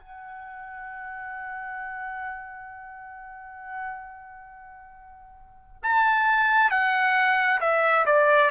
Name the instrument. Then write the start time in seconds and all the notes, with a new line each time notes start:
trumpet
0.00 F#5
5.83 A5
6.71 F#5
7.61 E5
8.06 D5